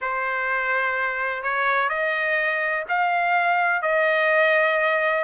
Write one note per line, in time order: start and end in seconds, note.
0.01 1.42 C5
1.42 1.89 C#5
1.89 2.84 D#5
2.88 3.81 F5
3.81 5.24 D#5